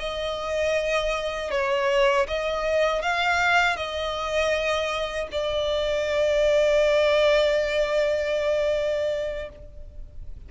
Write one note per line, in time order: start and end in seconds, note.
0.00 1.51 D#5
1.51 2.27 C#5
2.28 3.02 D#5
3.02 3.77 F5
3.77 5.29 D#5
5.32 9.50 D5